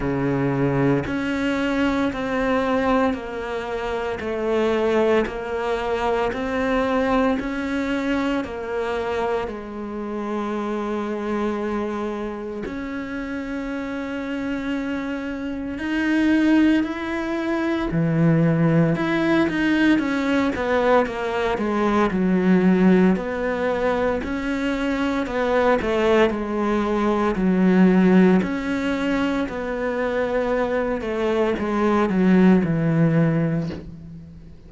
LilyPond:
\new Staff \with { instrumentName = "cello" } { \time 4/4 \tempo 4 = 57 cis4 cis'4 c'4 ais4 | a4 ais4 c'4 cis'4 | ais4 gis2. | cis'2. dis'4 |
e'4 e4 e'8 dis'8 cis'8 b8 | ais8 gis8 fis4 b4 cis'4 | b8 a8 gis4 fis4 cis'4 | b4. a8 gis8 fis8 e4 | }